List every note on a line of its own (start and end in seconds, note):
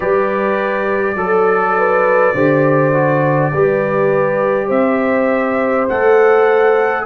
0.00 1.15 G3
0.00 1.16 G4
0.00 1.15 B4
0.00 4.69 D5
1.15 2.33 F#3
1.15 1.74 A4
1.15 2.35 A4
1.77 2.34 B4
2.34 3.52 D3
2.34 2.93 G4
2.34 3.52 C5
2.93 3.52 F#4
3.52 4.70 G3
3.52 5.89 G4
3.52 4.67 B4
4.67 5.87 C4
4.67 7.02 C5
4.67 5.87 E5
5.88 7.05 A3
5.88 7.05 A4
5.88 7.05 F#5